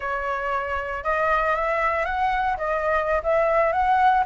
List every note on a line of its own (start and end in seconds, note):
0.00 1.03 C#5
1.04 1.55 D#5
1.55 2.05 E5
2.05 2.56 F#5
2.57 3.21 D#5
3.23 3.72 E5
3.72 4.24 F#5